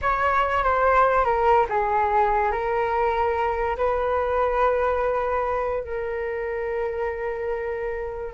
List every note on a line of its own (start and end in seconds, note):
0.01 0.63 C#5
0.63 1.24 C5
1.24 1.66 A#4
1.69 2.51 G#4
2.51 3.76 A#4
3.77 5.83 B4
5.83 8.33 A#4